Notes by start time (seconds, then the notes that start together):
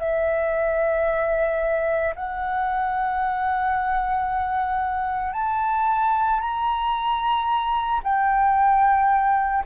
0.00 E5
2.16 F#5
5.33 A5
6.40 A#5
8.04 G5